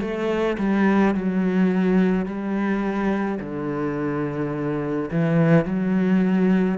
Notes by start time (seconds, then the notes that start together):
0.00 A3
0.58 G3
1.14 F#3
2.25 G3
3.40 D3
5.11 E3
5.65 F#3